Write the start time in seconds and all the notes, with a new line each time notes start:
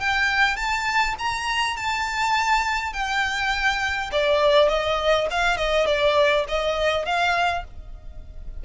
0.00 G5
0.57 A5
1.19 A#5
1.77 A5
2.94 G5
4.12 D5
4.69 D#5
5.31 F5
5.57 D#5
5.87 D5
6.48 D#5
7.06 F5